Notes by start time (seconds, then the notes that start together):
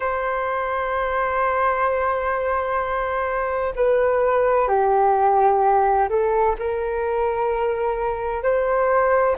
0.00 C5
3.75 B4
4.68 G4
6.09 A4
6.58 A#4
8.42 C5